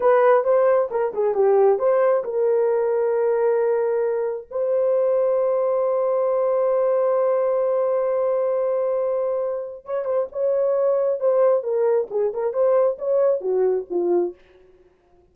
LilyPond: \new Staff \with { instrumentName = "horn" } { \time 4/4 \tempo 4 = 134 b'4 c''4 ais'8 gis'8 g'4 | c''4 ais'2.~ | ais'2 c''2~ | c''1~ |
c''1~ | c''2 cis''8 c''8 cis''4~ | cis''4 c''4 ais'4 gis'8 ais'8 | c''4 cis''4 fis'4 f'4 | }